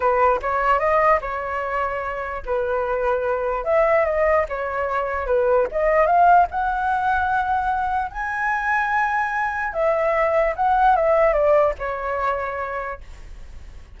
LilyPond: \new Staff \with { instrumentName = "flute" } { \time 4/4 \tempo 4 = 148 b'4 cis''4 dis''4 cis''4~ | cis''2 b'2~ | b'4 e''4 dis''4 cis''4~ | cis''4 b'4 dis''4 f''4 |
fis''1 | gis''1 | e''2 fis''4 e''4 | d''4 cis''2. | }